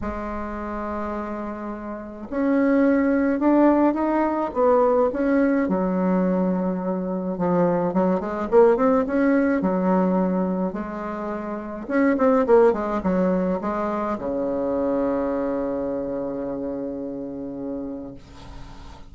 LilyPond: \new Staff \with { instrumentName = "bassoon" } { \time 4/4 \tempo 4 = 106 gis1 | cis'2 d'4 dis'4 | b4 cis'4 fis2~ | fis4 f4 fis8 gis8 ais8 c'8 |
cis'4 fis2 gis4~ | gis4 cis'8 c'8 ais8 gis8 fis4 | gis4 cis2.~ | cis1 | }